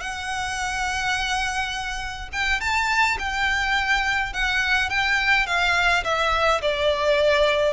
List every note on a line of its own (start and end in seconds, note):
0.00 2.29 F#5
2.32 2.60 G5
2.60 3.17 A5
3.18 4.33 G5
4.33 4.89 F#5
4.89 5.46 G5
5.46 6.03 F5
6.04 6.61 E5
6.61 7.73 D5